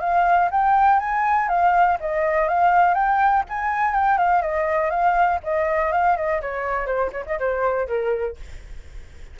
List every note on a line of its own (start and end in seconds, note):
0.00 0.49 F5
0.51 0.99 G5
0.99 1.48 G#5
1.48 1.98 F5
2.00 2.48 D#5
2.48 2.94 F5
2.94 3.43 G5
3.49 3.94 G#5
3.94 4.18 G5
4.18 4.42 F5
4.42 4.90 D#5
4.90 5.39 F5
5.43 5.92 D#5
5.92 6.16 F5
6.16 6.41 D#5
6.41 6.86 C#5
6.86 7.10 C5
7.12 7.24 C#5
7.26 7.38 D#5
7.39 7.87 C5
7.87 8.37 A#4